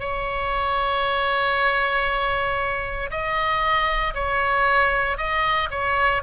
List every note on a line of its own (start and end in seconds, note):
0.00 3.10 C#5
3.11 4.14 D#5
4.14 5.18 C#5
5.18 5.69 D#5
5.71 6.23 C#5